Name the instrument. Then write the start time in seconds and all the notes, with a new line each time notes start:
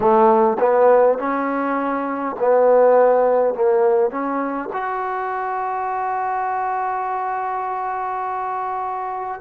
trombone
0.00 A3
0.59 B3
1.18 C#4
2.39 B3
3.54 A#3
4.10 C#4
4.73 F#4